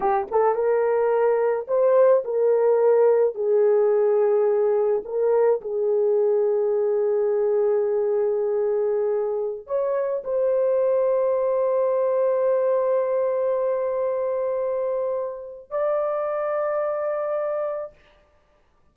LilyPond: \new Staff \with { instrumentName = "horn" } { \time 4/4 \tempo 4 = 107 g'8 a'8 ais'2 c''4 | ais'2 gis'2~ | gis'4 ais'4 gis'2~ | gis'1~ |
gis'4~ gis'16 cis''4 c''4.~ c''16~ | c''1~ | c''1 | d''1 | }